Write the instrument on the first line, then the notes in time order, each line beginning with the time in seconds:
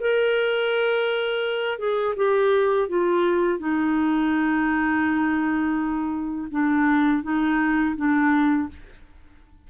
clarinet
0.00 A#4
1.78 G#4
2.16 G4
2.88 F4
3.59 D#4
6.51 D4
7.23 D#4
7.96 D4